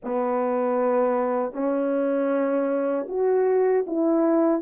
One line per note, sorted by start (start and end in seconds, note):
0.03 1.52 B3
1.52 3.06 C#4
3.08 3.85 F#4
3.86 4.62 E4